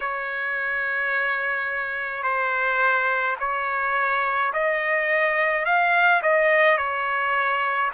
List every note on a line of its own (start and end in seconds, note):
0.00 2.23 C#5
2.23 3.36 C5
3.39 4.52 C#5
4.53 5.64 D#5
5.64 6.21 F5
6.22 6.77 D#5
6.77 7.90 C#5